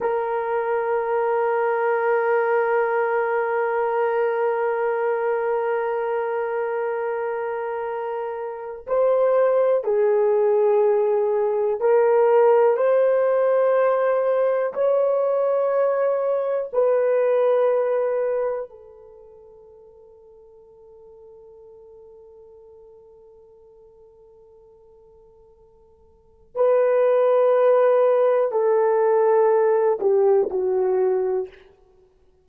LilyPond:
\new Staff \with { instrumentName = "horn" } { \time 4/4 \tempo 4 = 61 ais'1~ | ais'1~ | ais'4 c''4 gis'2 | ais'4 c''2 cis''4~ |
cis''4 b'2 a'4~ | a'1~ | a'2. b'4~ | b'4 a'4. g'8 fis'4 | }